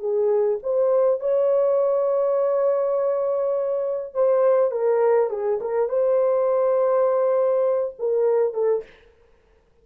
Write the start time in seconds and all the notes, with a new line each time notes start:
0.00 G#4
0.63 C5
1.20 C#5
4.14 C5
4.71 A#4
5.30 G#4
5.61 A#4
5.89 C5
7.99 A#4
8.54 A4